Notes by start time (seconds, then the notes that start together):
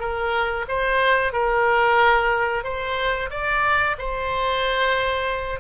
0.00 A#4
0.68 C5
1.33 A#4
2.64 C5
3.31 D5
3.98 C5